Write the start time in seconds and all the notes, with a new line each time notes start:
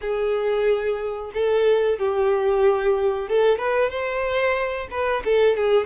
0.01 G#4
1.33 A4
1.98 G4
3.28 A4
3.58 B4
3.90 C5
4.90 B4
5.24 A4
5.56 G#4